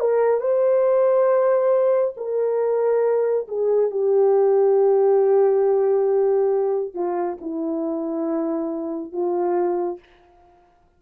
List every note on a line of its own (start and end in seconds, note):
0.00 0.41 A#4
0.41 2.15 C5
2.17 3.47 A#4
3.48 3.91 G#4
3.91 6.94 G4
6.94 7.38 F4
7.41 9.13 E4
9.13 10.00 F4